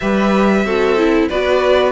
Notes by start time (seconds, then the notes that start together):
0.00 G3 G4 B4 E5
0.64 C4 F#4 A4
0.97 E4
1.28 B3 F#4 B4 D5